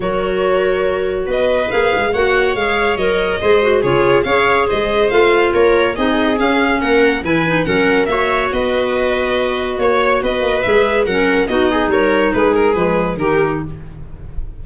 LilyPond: <<
  \new Staff \with { instrumentName = "violin" } { \time 4/4 \tempo 4 = 141 cis''2. dis''4 | f''4 fis''4 f''4 dis''4~ | dis''4 cis''4 f''4 dis''4 | f''4 cis''4 dis''4 f''4 |
fis''4 gis''4 fis''4 e''4 | dis''2. cis''4 | dis''4 e''4 fis''4 dis''4 | cis''4 b'8 ais'8 b'4 ais'4 | }
  \new Staff \with { instrumentName = "viola" } { \time 4/4 ais'2. b'4~ | b'4 cis''2. | c''4 gis'4 cis''4 c''4~ | c''4 ais'4 gis'2 |
ais'4 b'4 ais'4 cis''4 | b'2. cis''4 | b'2 ais'4 fis'8 gis'8 | ais'4 gis'2 g'4 | }
  \new Staff \with { instrumentName = "clarinet" } { \time 4/4 fis'1 | gis'4 fis'4 gis'4 ais'4 | gis'8 fis'8 f'4 gis'2 | f'2 dis'4 cis'4~ |
cis'4 e'8 dis'8 cis'4 fis'4~ | fis'1~ | fis'4 gis'4 cis'4 dis'4~ | dis'2 gis4 dis'4 | }
  \new Staff \with { instrumentName = "tuba" } { \time 4/4 fis2. b4 | ais8 gis8 ais4 gis4 fis4 | gis4 cis4 cis'4 gis4 | a4 ais4 c'4 cis'4 |
ais4 e4 fis4 ais4 | b2. ais4 | b8 ais8 gis4 fis4 b4 | g4 gis4 f4 dis4 | }
>>